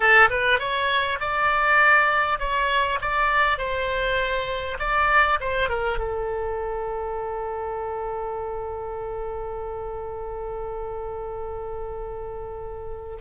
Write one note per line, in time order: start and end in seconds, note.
0.00 0.29 A4
0.30 0.59 B4
0.59 1.19 C#5
1.20 2.39 D5
2.39 2.99 C#5
3.01 3.58 D5
3.58 4.78 C5
4.79 5.39 D5
5.40 5.69 C5
5.69 5.98 A#4
5.98 13.18 A4